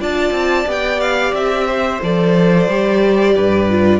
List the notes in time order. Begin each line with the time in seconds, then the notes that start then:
0.00 D4 F4 D5 A5
0.31 C4
0.66 B3 G4 G5
1.00 F5
1.33 C4 E5
1.67 C5
2.02 F3 A4 D5
2.68 G3 G4
3.36 G2 B4
3.69 F4